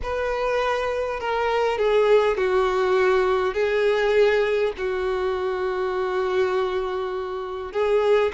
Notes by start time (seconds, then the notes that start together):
0.02 B4
1.20 A#4
1.78 G#4
2.37 F#4
3.54 G#4
4.77 F#4
7.72 G#4